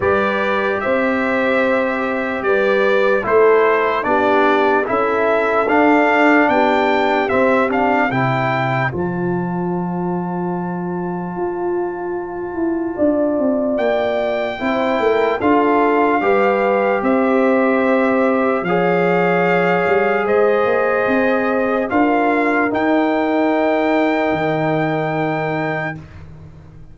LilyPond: <<
  \new Staff \with { instrumentName = "trumpet" } { \time 4/4 \tempo 4 = 74 d''4 e''2 d''4 | c''4 d''4 e''4 f''4 | g''4 e''8 f''8 g''4 a''4~ | a''1~ |
a''4 g''2 f''4~ | f''4 e''2 f''4~ | f''4 dis''2 f''4 | g''1 | }
  \new Staff \with { instrumentName = "horn" } { \time 4/4 b'4 c''2 b'4 | a'4 g'4 a'2 | g'2 c''2~ | c''1 |
d''2 c''8 ais'8 a'4 | b'4 c''2 cis''4~ | cis''4 c''2 ais'4~ | ais'1 | }
  \new Staff \with { instrumentName = "trombone" } { \time 4/4 g'1 | e'4 d'4 e'4 d'4~ | d'4 c'8 d'8 e'4 f'4~ | f'1~ |
f'2 e'4 f'4 | g'2. gis'4~ | gis'2. f'4 | dis'1 | }
  \new Staff \with { instrumentName = "tuba" } { \time 4/4 g4 c'2 g4 | a4 b4 cis'4 d'4 | b4 c'4 c4 f4~ | f2 f'4. e'8 |
d'8 c'8 ais4 c'8 a8 d'4 | g4 c'2 f4~ | f8 g8 gis8 ais8 c'4 d'4 | dis'2 dis2 | }
>>